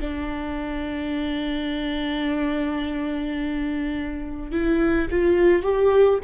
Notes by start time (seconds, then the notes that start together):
0.00 D4
4.51 E4
5.10 F4
5.62 G4